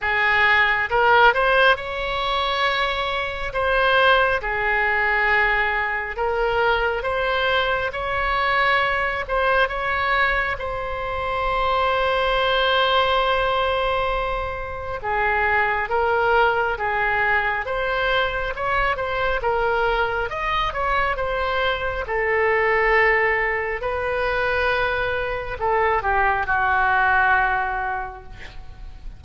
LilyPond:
\new Staff \with { instrumentName = "oboe" } { \time 4/4 \tempo 4 = 68 gis'4 ais'8 c''8 cis''2 | c''4 gis'2 ais'4 | c''4 cis''4. c''8 cis''4 | c''1~ |
c''4 gis'4 ais'4 gis'4 | c''4 cis''8 c''8 ais'4 dis''8 cis''8 | c''4 a'2 b'4~ | b'4 a'8 g'8 fis'2 | }